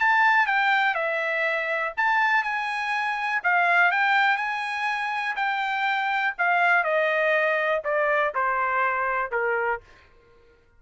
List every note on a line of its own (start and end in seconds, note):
0.00 0.47 A5
0.47 0.95 G5
0.95 1.93 E5
1.97 2.43 A5
2.43 3.42 G#5
3.43 3.91 F5
3.91 4.37 G5
4.37 5.35 G#5
5.36 6.34 G5
6.38 6.84 F5
6.84 7.82 D#5
7.84 8.33 D5
8.35 9.32 C5
9.32 9.81 A#4